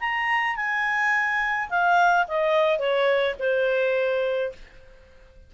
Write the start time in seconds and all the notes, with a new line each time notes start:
0.00 A#5
0.56 G#5
1.70 F5
2.28 D#5
2.79 C#5
3.39 C5